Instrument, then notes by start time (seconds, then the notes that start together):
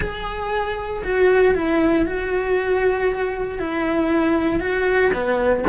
cello
0.00 G#4
1.03 F#4
1.55 E4
2.05 F#4
3.59 E4
4.59 F#4
5.13 B3